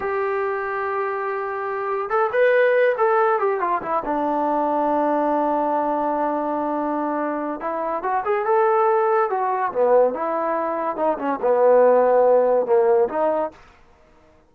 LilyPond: \new Staff \with { instrumentName = "trombone" } { \time 4/4 \tempo 4 = 142 g'1~ | g'4 a'8 b'4. a'4 | g'8 f'8 e'8 d'2~ d'8~ | d'1~ |
d'2 e'4 fis'8 gis'8 | a'2 fis'4 b4 | e'2 dis'8 cis'8 b4~ | b2 ais4 dis'4 | }